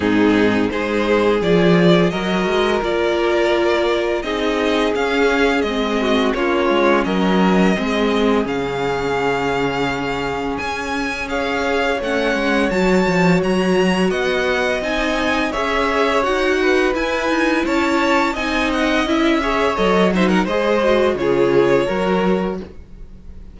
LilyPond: <<
  \new Staff \with { instrumentName = "violin" } { \time 4/4 \tempo 4 = 85 gis'4 c''4 d''4 dis''4 | d''2 dis''4 f''4 | dis''4 cis''4 dis''2 | f''2. gis''4 |
f''4 fis''4 a''4 ais''4 | fis''4 gis''4 e''4 fis''4 | gis''4 a''4 gis''8 fis''8 e''4 | dis''8 e''16 fis''16 dis''4 cis''2 | }
  \new Staff \with { instrumentName = "violin" } { \time 4/4 dis'4 gis'2 ais'4~ | ais'2 gis'2~ | gis'8 fis'8 f'4 ais'4 gis'4~ | gis'1 |
cis''1 | dis''2 cis''4. b'8~ | b'4 cis''4 dis''4. cis''8~ | cis''8 c''16 ais'16 c''4 gis'4 ais'4 | }
  \new Staff \with { instrumentName = "viola" } { \time 4/4 c'4 dis'4 f'4 fis'4 | f'2 dis'4 cis'4 | c'4 cis'2 c'4 | cis'1 |
gis'4 cis'4 fis'2~ | fis'4 dis'4 gis'4 fis'4 | e'2 dis'4 e'8 gis'8 | a'8 dis'8 gis'8 fis'8 f'4 fis'4 | }
  \new Staff \with { instrumentName = "cello" } { \time 4/4 gis,4 gis4 f4 fis8 gis8 | ais2 c'4 cis'4 | gis4 ais8 gis8 fis4 gis4 | cis2. cis'4~ |
cis'4 a8 gis8 fis8 f8 fis4 | b4 c'4 cis'4 dis'4 | e'8 dis'8 cis'4 c'4 cis'4 | fis4 gis4 cis4 fis4 | }
>>